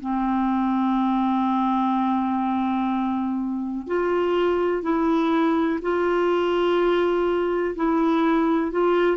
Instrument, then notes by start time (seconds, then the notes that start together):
clarinet
0.00 C4
3.87 F4
4.83 E4
5.82 F4
7.76 E4
8.71 F4